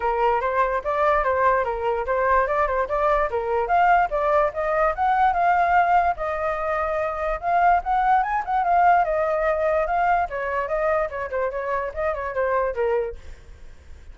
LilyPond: \new Staff \with { instrumentName = "flute" } { \time 4/4 \tempo 4 = 146 ais'4 c''4 d''4 c''4 | ais'4 c''4 d''8 c''8 d''4 | ais'4 f''4 d''4 dis''4 | fis''4 f''2 dis''4~ |
dis''2 f''4 fis''4 | gis''8 fis''8 f''4 dis''2 | f''4 cis''4 dis''4 cis''8 c''8 | cis''4 dis''8 cis''8 c''4 ais'4 | }